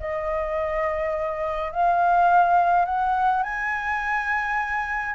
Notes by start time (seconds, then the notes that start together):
0.00 D#5
1.72 F5
2.86 F#5
3.44 G#5